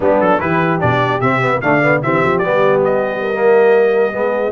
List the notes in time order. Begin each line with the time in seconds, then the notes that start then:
0.00 G3 B3 D4 G4
0.20 F#3 A4
0.39 E3 E4 G4 B4
0.79 B2 D4 D5
1.20 C3 C4 E5
1.41 B3
1.61 D3 A3 D5 F5
1.82 B3
2.02 E3 C4 G4 E5
2.24 F3
2.38 G3 B3 D5
2.84 D#5
3.19 A#4
3.33 A#3
4.11 G#3 B3 G#4